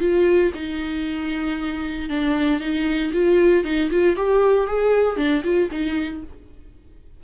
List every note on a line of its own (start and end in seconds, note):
0.00 0.52 F4
0.54 2.09 D#4
2.09 2.60 D4
2.60 3.12 D#4
3.13 3.64 F4
3.64 3.90 D#4
3.91 4.16 F4
4.16 4.67 G4
4.67 5.17 G#4
5.17 5.43 D4
5.44 5.70 F4
5.71 6.23 D#4